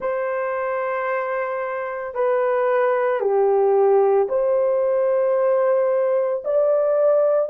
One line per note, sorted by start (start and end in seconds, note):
0.00 2.14 C5
2.14 3.20 B4
3.20 4.27 G4
4.29 6.43 C5
6.44 7.49 D5